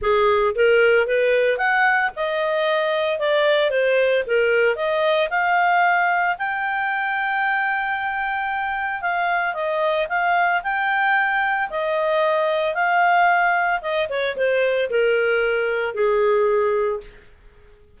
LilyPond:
\new Staff \with { instrumentName = "clarinet" } { \time 4/4 \tempo 4 = 113 gis'4 ais'4 b'4 fis''4 | dis''2 d''4 c''4 | ais'4 dis''4 f''2 | g''1~ |
g''4 f''4 dis''4 f''4 | g''2 dis''2 | f''2 dis''8 cis''8 c''4 | ais'2 gis'2 | }